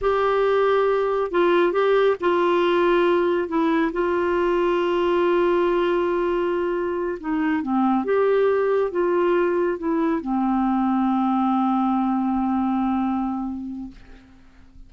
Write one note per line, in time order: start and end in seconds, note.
0.01 1.31 G4
1.31 1.72 F4
1.72 2.16 G4
2.20 3.48 F4
3.48 3.91 E4
3.92 7.18 F4
7.20 7.62 D#4
7.62 8.04 C4
8.04 8.91 G4
8.91 9.78 F4
9.78 10.21 E4
10.21 13.90 C4